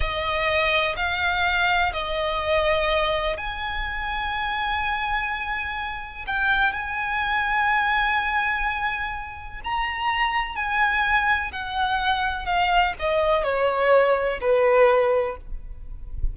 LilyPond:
\new Staff \with { instrumentName = "violin" } { \time 4/4 \tempo 4 = 125 dis''2 f''2 | dis''2. gis''4~ | gis''1~ | gis''4 g''4 gis''2~ |
gis''1 | ais''2 gis''2 | fis''2 f''4 dis''4 | cis''2 b'2 | }